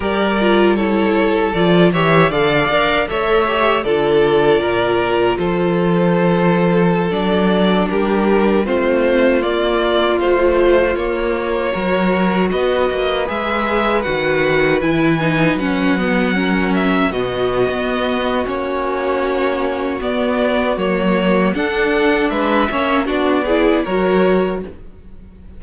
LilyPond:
<<
  \new Staff \with { instrumentName = "violin" } { \time 4/4 \tempo 4 = 78 d''4 cis''4 d''8 e''8 f''4 | e''4 d''2 c''4~ | c''4~ c''16 d''4 ais'4 c''8.~ | c''16 d''4 c''4 cis''4.~ cis''16~ |
cis''16 dis''4 e''4 fis''4 gis''8.~ | gis''16 fis''4. e''8 dis''4.~ dis''16 | cis''2 d''4 cis''4 | fis''4 e''4 d''4 cis''4 | }
  \new Staff \with { instrumentName = "violin" } { \time 4/4 ais'4 a'4. cis''8 d''4 | cis''4 a'4 ais'4 a'4~ | a'2~ a'16 g'4 f'8.~ | f'2.~ f'16 ais'8.~ |
ais'16 b'2.~ b'8.~ | b'4~ b'16 ais'4 fis'4.~ fis'16~ | fis'1 | a'4 b'8 cis''8 fis'8 gis'8 ais'4 | }
  \new Staff \with { instrumentName = "viola" } { \time 4/4 g'8 f'8 e'4 f'8 g'8 a'8 ais'8 | a'8 g'8 f'2.~ | f'4~ f'16 d'2 c'8.~ | c'16 ais4 f4 ais4 fis'8.~ |
fis'4~ fis'16 gis'4 fis'4 e'8 dis'16~ | dis'16 cis'8 b8 cis'4 b4.~ b16 | cis'2 b4 ais4 | d'4. cis'8 d'8 e'8 fis'4 | }
  \new Staff \with { instrumentName = "cello" } { \time 4/4 g2 f8 e8 d8 d'8 | a4 d4 ais,4 f4~ | f4~ f16 fis4 g4 a8.~ | a16 ais4 a4 ais4 fis8.~ |
fis16 b8 ais8 gis4 dis4 e8.~ | e16 fis2 b,8. b4 | ais2 b4 fis4 | d'4 gis8 ais8 b4 fis4 | }
>>